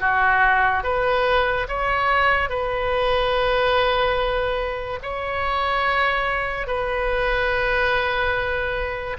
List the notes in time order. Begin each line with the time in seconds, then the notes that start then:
0.00 F#4
0.84 B4
1.68 C#5
2.50 B4
5.03 C#5
6.67 B4